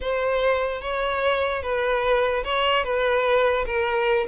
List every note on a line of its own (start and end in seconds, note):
0.00 0.81 C5
0.81 1.62 C#5
1.62 2.43 B4
2.44 2.84 C#5
2.84 3.65 B4
3.66 4.27 A#4